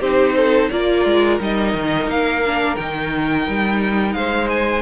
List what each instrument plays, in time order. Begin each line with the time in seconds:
0.00 cello C4, viola D#4, violin G4 C5
0.36 violin A4
0.69 cello A#3, viola F4, violin A#4 D5
1.05 cello G#3
1.40 cello G3, viola D#4, violin D#5
1.74 cello D#3
2.07 cello A#3, violin F5
2.46 viola D4
2.76 cello D#3, viola D#4, violin G5
3.48 cello G3
4.14 cello G#3, violin C5 F5
4.49 violin G#5